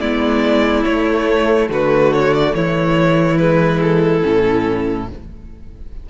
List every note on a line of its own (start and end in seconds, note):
0.00 0.85 G#3
0.00 0.86 B3
0.00 1.69 E4
0.00 0.84 D5
0.84 1.69 A3
0.84 3.38 A3
0.84 1.68 C#5
1.69 2.53 D3
1.69 2.55 F#4
1.69 2.13 B4
2.13 2.33 C#5
2.33 2.54 D5
2.54 4.23 E3
2.54 5.09 E4
2.54 3.37 C#5
3.37 4.22 G#3
3.37 3.80 B4
3.81 5.08 A4
4.22 5.10 A2
4.22 5.07 C#4